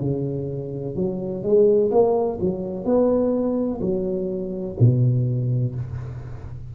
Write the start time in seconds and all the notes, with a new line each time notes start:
0.00 C#3
0.95 F#3
1.43 G#3
1.91 A#3
2.40 F#3
2.84 B3
3.81 F#3
4.80 B2